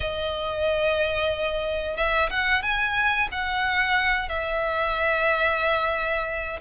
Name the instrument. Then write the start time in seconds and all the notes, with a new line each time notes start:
violin
0.00 D#5
1.96 E5
2.30 F#5
2.62 G#5
3.31 F#5
4.28 E5